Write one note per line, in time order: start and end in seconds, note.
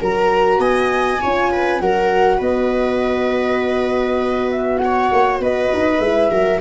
0.00 0.59 F#3
0.00 1.20 F#4
0.00 0.61 A#4
0.00 0.61 A#5
0.59 1.19 B3
0.59 1.21 D#5
0.59 1.80 G#5
1.21 1.80 C#4
1.21 1.82 F4
1.21 1.51 C#5
1.52 1.82 B4
1.80 2.40 F#3
1.80 6.02 F#4
1.80 2.38 A#4
1.80 2.40 F#5
2.38 5.10 B3
2.38 4.78 B4
2.38 4.51 D#5
4.51 4.78 E5
4.78 5.38 F#5
4.84 5.42 C#5
5.12 5.40 A#3
5.40 5.70 B3
5.40 6.31 B4
5.40 6.00 D#5
5.74 5.99 D#4
5.99 6.29 G#3
5.99 6.30 E4
5.99 6.60 E5
6.30 6.61 F#3
6.30 6.61 F#4
6.30 6.61 A#4